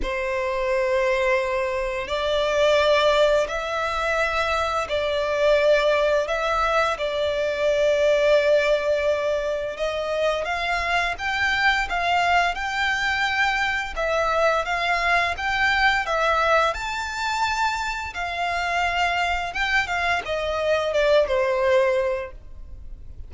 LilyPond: \new Staff \with { instrumentName = "violin" } { \time 4/4 \tempo 4 = 86 c''2. d''4~ | d''4 e''2 d''4~ | d''4 e''4 d''2~ | d''2 dis''4 f''4 |
g''4 f''4 g''2 | e''4 f''4 g''4 e''4 | a''2 f''2 | g''8 f''8 dis''4 d''8 c''4. | }